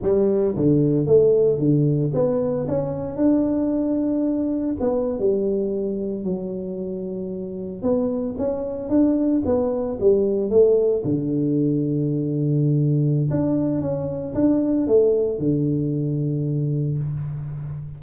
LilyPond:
\new Staff \with { instrumentName = "tuba" } { \time 4/4 \tempo 4 = 113 g4 d4 a4 d4 | b4 cis'4 d'2~ | d'4 b8. g2 fis16~ | fis2~ fis8. b4 cis'16~ |
cis'8. d'4 b4 g4 a16~ | a8. d2.~ d16~ | d4 d'4 cis'4 d'4 | a4 d2. | }